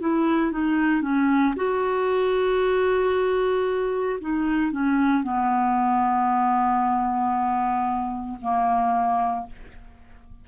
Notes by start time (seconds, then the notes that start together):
0.00 E4
0.52 D#4
1.01 C#4
1.56 F#4
4.21 D#4
4.72 C#4
5.23 B3
8.41 A#3